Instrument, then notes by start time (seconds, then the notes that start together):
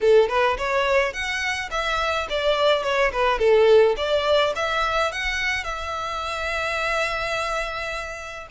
violin
0.01 A4
0.29 B4
0.57 C#5
1.13 F#5
1.70 E5
2.29 D5
2.83 C#5
3.12 B4
3.38 A4
3.96 D5
4.55 E5
5.12 F#5
5.64 E5